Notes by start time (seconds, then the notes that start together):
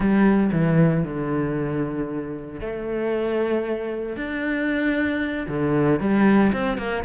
0.00 G3
0.51 E3
1.03 D3
2.60 A3
4.16 D4
5.48 D3
6.00 G3
6.52 C4
6.77 A#3